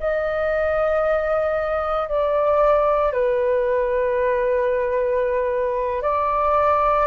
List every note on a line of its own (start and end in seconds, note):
0.00 2.09 D#5
2.09 3.13 D5
3.13 6.02 B4
6.02 7.07 D5